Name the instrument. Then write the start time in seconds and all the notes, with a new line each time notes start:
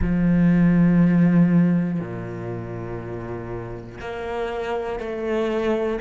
cello
0.01 F3
1.99 A#2
4.00 A#3
5.00 A3